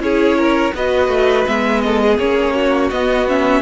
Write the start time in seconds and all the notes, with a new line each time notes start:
0.00 C#4 E4 G#4 C#5
0.38 A#4
0.75 B3 F#4 B4 D#5
1.09 A3
1.47 G#3 B3 E5
1.81 A4 D#5
2.03 G#4
2.19 A#3 C#4 C#5
2.56 F#4
2.91 B3 D#5
3.29 C#4 E5